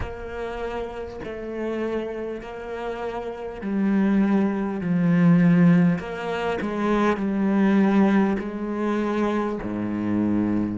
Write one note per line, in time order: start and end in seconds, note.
0.00 1.19 A#3
1.23 2.41 A3
2.41 3.61 A#3
3.61 4.80 G3
4.80 5.98 F3
5.98 6.58 A#3
6.61 7.16 G#3
7.16 8.36 G3
8.38 9.58 G#3
9.63 10.77 G#2